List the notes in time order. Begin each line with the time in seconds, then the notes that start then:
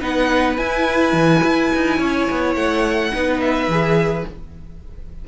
0.00 B3 D#4 B4 F#5
0.57 E4 G#5
1.13 E3
1.44 E4
1.75 D#4
1.97 C#4 C#5
2.31 B3
2.55 A3 F#5
3.14 B3 D#4 B4
3.40 E5
3.67 E3 G#4